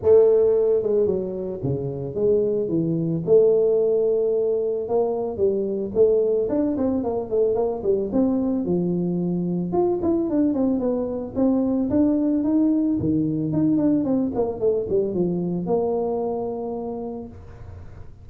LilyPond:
\new Staff \with { instrumentName = "tuba" } { \time 4/4 \tempo 4 = 111 a4. gis8 fis4 cis4 | gis4 e4 a2~ | a4 ais4 g4 a4 | d'8 c'8 ais8 a8 ais8 g8 c'4 |
f2 f'8 e'8 d'8 c'8 | b4 c'4 d'4 dis'4 | dis4 dis'8 d'8 c'8 ais8 a8 g8 | f4 ais2. | }